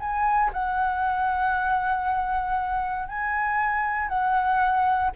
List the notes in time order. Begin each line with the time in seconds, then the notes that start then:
0.00 G#5
0.53 F#5
3.08 G#5
4.08 F#5